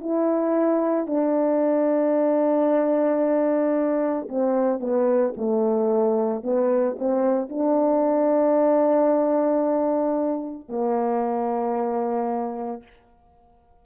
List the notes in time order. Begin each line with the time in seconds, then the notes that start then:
0.00 E4
1.06 D4
4.29 C4
4.80 B3
5.37 A3
6.43 B3
6.98 C4
7.49 D4
10.69 A#3